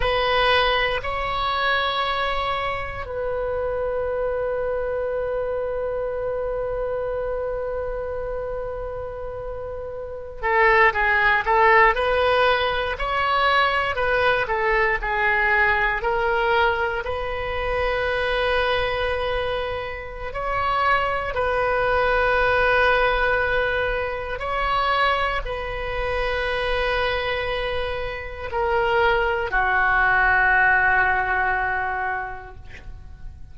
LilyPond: \new Staff \with { instrumentName = "oboe" } { \time 4/4 \tempo 4 = 59 b'4 cis''2 b'4~ | b'1~ | b'2~ b'16 a'8 gis'8 a'8 b'16~ | b'8. cis''4 b'8 a'8 gis'4 ais'16~ |
ais'8. b'2.~ b'16 | cis''4 b'2. | cis''4 b'2. | ais'4 fis'2. | }